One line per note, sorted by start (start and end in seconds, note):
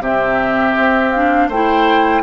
0.00 0.74 C3
0.00 1.13 C4
0.00 1.48 G4
0.00 1.12 E5
0.77 1.49 C4
1.12 1.52 D4
1.12 1.49 F5
1.48 2.23 A3
1.48 2.23 E4
1.48 2.22 C5
1.48 2.23 G5